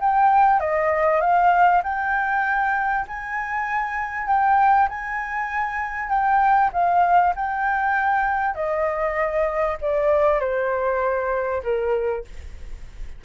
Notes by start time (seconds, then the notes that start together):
0.00 G5
0.60 D#5
1.21 F5
1.83 G5
3.08 G#5
4.27 G5
4.89 G#5
6.09 G5
6.73 F5
7.36 G5
8.55 D#5
9.81 D5
10.40 C5
11.64 A#4